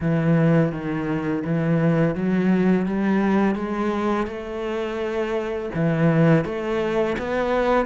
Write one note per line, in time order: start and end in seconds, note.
0.00 0.72 E3
0.72 1.43 D#3
1.44 2.15 E3
2.15 2.86 F#3
2.86 3.55 G3
3.55 4.26 G#3
4.27 5.69 A3
5.74 6.44 E3
6.44 7.16 A3
7.18 7.85 B3